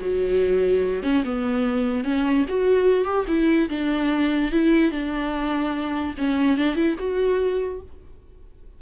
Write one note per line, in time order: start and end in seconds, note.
0.00 1.03 F#3
1.03 1.23 C#4
1.24 2.04 B3
2.04 2.45 C#4
2.48 3.05 F#4
3.05 3.25 G4
3.28 3.69 E4
3.69 4.51 D4
4.52 4.91 E4
4.91 6.14 D4
6.18 6.57 C#4
6.57 6.75 D4
6.75 6.96 E4
6.99 7.81 F#4